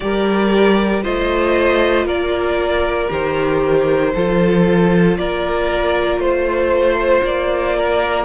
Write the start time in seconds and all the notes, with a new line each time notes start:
0.00 G3 G4 A#4 D5
1.03 A3 F4 C5 D#5
2.05 A#3 A#4 D5
3.08 D#3 G4 C5
4.14 F3 F4 A4
5.17 A#3 A#4 D5
6.17 A3 C5
7.22 A#3 D5
7.76 A#4